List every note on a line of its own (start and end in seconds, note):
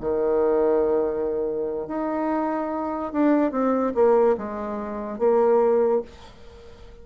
0.00 1.87 D#3
1.87 3.12 D#4
3.12 3.52 D4
3.52 3.93 C4
3.95 4.36 A#3
4.37 5.19 G#3
5.19 6.02 A#3